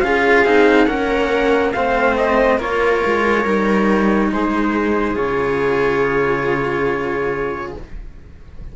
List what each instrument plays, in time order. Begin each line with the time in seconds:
0.00 cello C#4 F4, viola G#4, trumpet F5
0.45 cello C4 D#4
0.86 cello A#3 C#4, viola A#4, trumpet F#5
1.72 cello A3 C4, viola C5, trumpet F5
2.17 trumpet D#5
2.58 cello A#3 F4, viola A#4, trumpet C#5
3.06 cello G#3
3.45 cello G3 D#4
4.32 cello G#3, viola G#4, trumpet C5
5.16 cello C#3 F4, trumpet C#5